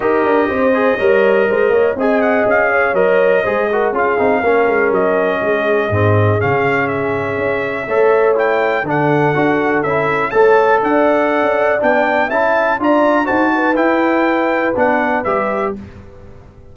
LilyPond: <<
  \new Staff \with { instrumentName = "trumpet" } { \time 4/4 \tempo 4 = 122 dis''1 | gis''8 fis''8 f''4 dis''2 | f''2 dis''2~ | dis''4 f''4 e''2~ |
e''4 g''4 fis''2 | e''4 a''4 fis''2 | g''4 a''4 ais''4 a''4 | g''2 fis''4 e''4 | }
  \new Staff \with { instrumentName = "horn" } { \time 4/4 ais'4 c''4 cis''4 c''8 cis''8 | dis''4. cis''4. c''8 ais'8 | gis'4 ais'2 gis'4~ | gis'1 |
cis''2 a'2~ | a'4 cis''4 d''2~ | d''4 e''4 d''4 c''8 b'8~ | b'1 | }
  \new Staff \with { instrumentName = "trombone" } { \time 4/4 g'4. gis'8 ais'2 | gis'2 ais'4 gis'8 fis'8 | f'8 dis'8 cis'2. | c'4 cis'2. |
a'4 e'4 d'4 fis'4 | e'4 a'2. | d'4 e'4 f'4 fis'4 | e'2 d'4 g'4 | }
  \new Staff \with { instrumentName = "tuba" } { \time 4/4 dis'8 d'8 c'4 g4 gis8 ais8 | c'4 cis'4 fis4 gis4 | cis'8 c'8 ais8 gis8 fis4 gis4 | gis,4 cis2 cis'4 |
a2 d4 d'4 | cis'4 a4 d'4~ d'16 cis'8. | b4 cis'4 d'4 dis'4 | e'2 b4 g4 | }
>>